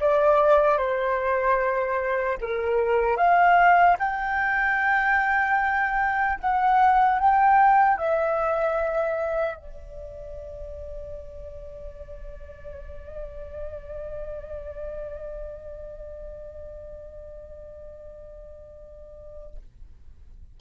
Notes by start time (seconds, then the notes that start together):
0.00 D5
0.78 C5
2.41 A#4
3.17 F5
3.99 G5
6.40 F#5
7.19 G5
7.97 E5
9.56 D5